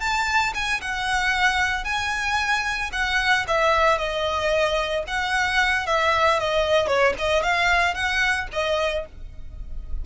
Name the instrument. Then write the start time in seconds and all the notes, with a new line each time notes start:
violin
0.00 A5
0.54 G#5
0.81 F#5
1.84 G#5
2.92 F#5
3.47 E5
3.98 D#5
5.07 F#5
5.86 E5
6.40 D#5
6.87 C#5
7.19 D#5
7.43 F5
7.94 F#5
8.52 D#5